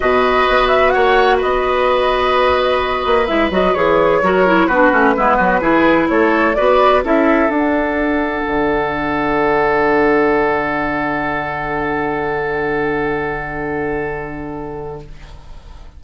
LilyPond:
<<
  \new Staff \with { instrumentName = "flute" } { \time 4/4 \tempo 4 = 128 dis''4. e''8 fis''4 dis''4~ | dis''2. e''8 dis''8 | cis''2 b'2~ | b'4 cis''4 d''4 e''4 |
fis''1~ | fis''1~ | fis''1~ | fis''1 | }
  \new Staff \with { instrumentName = "oboe" } { \time 4/4 b'2 cis''4 b'4~ | b'1~ | b'4 ais'4 fis'4 e'8 fis'8 | gis'4 a'4 b'4 a'4~ |
a'1~ | a'1~ | a'1~ | a'1 | }
  \new Staff \with { instrumentName = "clarinet" } { \time 4/4 fis'1~ | fis'2. e'8 fis'8 | gis'4 fis'8 e'8 d'8 cis'8 b4 | e'2 fis'4 e'4 |
d'1~ | d'1~ | d'1~ | d'1 | }
  \new Staff \with { instrumentName = "bassoon" } { \time 4/4 b,4 b4 ais4 b4~ | b2~ b8 ais8 gis8 fis8 | e4 fis4 b8 a8 gis8 fis8 | e4 a4 b4 cis'4 |
d'2 d2~ | d1~ | d1~ | d1 | }
>>